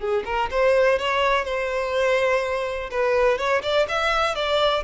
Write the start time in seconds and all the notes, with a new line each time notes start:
0.00 G#4
0.26 A#4
0.51 C5
0.99 C#5
1.45 C5
2.91 B4
3.38 C#5
3.63 D5
3.89 E5
4.36 D5